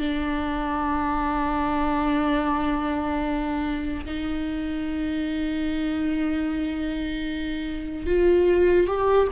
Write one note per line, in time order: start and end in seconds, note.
0.00 4.05 D4
4.06 8.07 D#4
8.07 8.87 F4
8.87 9.28 G4